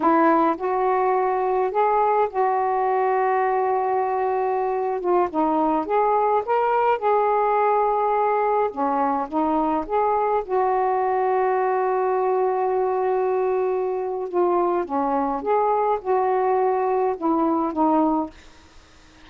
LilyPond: \new Staff \with { instrumentName = "saxophone" } { \time 4/4 \tempo 4 = 105 e'4 fis'2 gis'4 | fis'1~ | fis'8. f'8 dis'4 gis'4 ais'8.~ | ais'16 gis'2. cis'8.~ |
cis'16 dis'4 gis'4 fis'4.~ fis'16~ | fis'1~ | fis'4 f'4 cis'4 gis'4 | fis'2 e'4 dis'4 | }